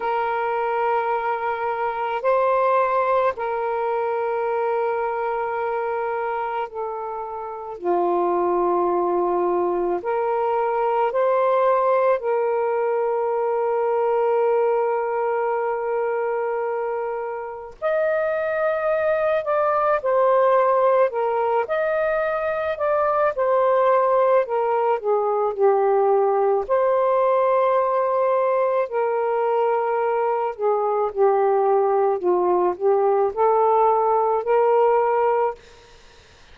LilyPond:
\new Staff \with { instrumentName = "saxophone" } { \time 4/4 \tempo 4 = 54 ais'2 c''4 ais'4~ | ais'2 a'4 f'4~ | f'4 ais'4 c''4 ais'4~ | ais'1 |
dis''4. d''8 c''4 ais'8 dis''8~ | dis''8 d''8 c''4 ais'8 gis'8 g'4 | c''2 ais'4. gis'8 | g'4 f'8 g'8 a'4 ais'4 | }